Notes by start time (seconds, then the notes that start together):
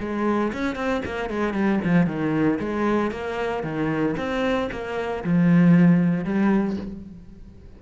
0.00 G#3
0.53 C#4
0.76 C4
1.06 A#3
1.29 G#3
1.54 G3
1.85 F3
2.07 D#3
2.59 G#3
3.11 A#3
3.63 D#3
4.17 C4
4.71 A#3
5.24 F3
6.24 G3